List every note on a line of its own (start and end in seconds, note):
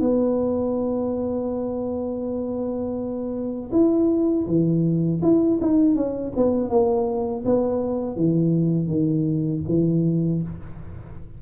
0.00 3.70 B3
3.71 4.45 E4
4.46 5.21 E3
5.22 5.59 E4
5.61 5.95 D#4
5.95 6.32 C#4
6.36 6.69 B3
6.69 7.43 A#3
7.45 8.15 B3
8.15 8.87 E3
8.87 9.61 D#3
9.68 10.42 E3